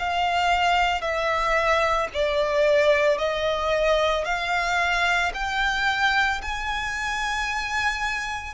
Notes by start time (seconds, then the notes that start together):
0.00 F5
1.01 E5
2.14 D5
3.19 D#5
4.26 F5
5.35 G5
6.42 G#5